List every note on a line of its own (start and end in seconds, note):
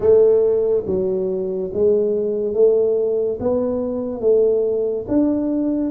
0.00 0.84 A3
0.86 1.71 F#3
1.73 2.54 G#3
2.54 3.38 A3
3.40 4.21 B3
4.21 5.05 A3
5.07 5.90 D4